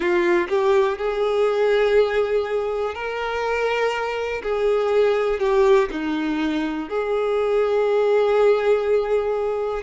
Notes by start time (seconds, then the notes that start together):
0.00 F4
0.49 G4
0.97 G#4
2.94 A#4
4.43 G#4
5.39 G4
5.91 D#4
6.89 G#4